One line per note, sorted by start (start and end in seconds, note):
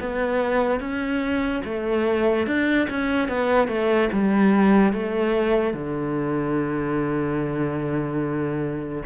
0.00 0.80 B3
0.80 1.62 C#4
1.64 2.47 A3
2.47 2.88 D4
2.90 3.28 C#4
3.28 3.68 B3
3.68 4.09 A3
4.12 4.93 G3
4.93 5.73 A3
5.73 9.02 D3